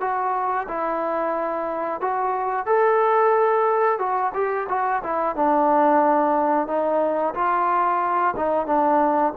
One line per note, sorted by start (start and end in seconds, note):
0.00 0.67 F#4
0.68 2.01 E4
2.01 2.66 F#4
2.66 3.99 A4
3.99 4.32 F#4
4.34 4.67 G4
4.69 5.02 F#4
5.03 5.35 E4
5.35 6.67 D4
6.67 7.34 D#4
7.34 8.34 F4
8.36 8.66 D#4
8.66 9.33 D4